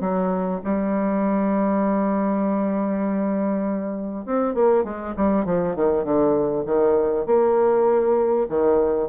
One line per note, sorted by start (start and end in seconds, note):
0.00 0.61 F#3
0.63 4.25 G3
4.25 4.54 C4
4.54 4.83 A#3
4.83 5.14 G#3
5.16 5.45 G3
5.45 5.75 F3
5.75 6.04 D#3
6.04 6.64 D3
6.65 7.25 D#3
7.25 8.47 A#3
8.48 9.08 D#3